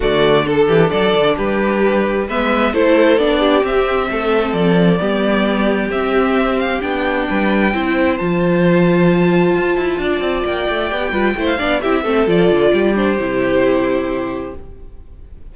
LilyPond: <<
  \new Staff \with { instrumentName = "violin" } { \time 4/4 \tempo 4 = 132 d''4 a'4 d''4 b'4~ | b'4 e''4 c''4 d''4 | e''2 d''2~ | d''4 e''4. f''8 g''4~ |
g''2 a''2~ | a''2. g''4~ | g''4~ g''16 f''8. e''4 d''4~ | d''8 c''2.~ c''8 | }
  \new Staff \with { instrumentName = "violin" } { \time 4/4 fis'4 a'8 g'8 a'4 g'4~ | g'4 b'4 a'4. g'8~ | g'4 a'2 g'4~ | g'1 |
b'4 c''2.~ | c''2 d''2~ | d''8 b'8 c''8 d''8 g'8 a'4. | g'1 | }
  \new Staff \with { instrumentName = "viola" } { \time 4/4 a4 d'2.~ | d'4 b4 e'4 d'4 | c'2. b4~ | b4 c'2 d'4~ |
d'4 e'4 f'2~ | f'1 | g'8 f'8 e'8 d'8 e'8 c'8 f'4~ | f'8 d'8 e'2. | }
  \new Staff \with { instrumentName = "cello" } { \time 4/4 d4. e8 fis8 d8 g4~ | g4 gis4 a4 b4 | c'4 a4 f4 g4~ | g4 c'2 b4 |
g4 c'4 f2~ | f4 f'8 e'8 d'8 c'8 ais8 a8 | b8 g8 a8 b8 c'8 a8 f8 d8 | g4 c2. | }
>>